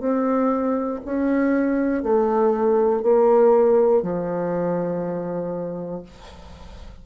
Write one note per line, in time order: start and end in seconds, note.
0.00 1.00 C4
1.05 2.03 C#4
2.03 3.03 A3
3.03 4.03 A#3
4.03 6.03 F3